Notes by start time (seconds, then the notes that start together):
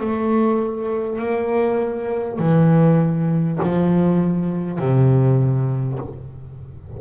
0.00 A3
1.18 A#3
2.38 E3
3.62 F3
4.78 C3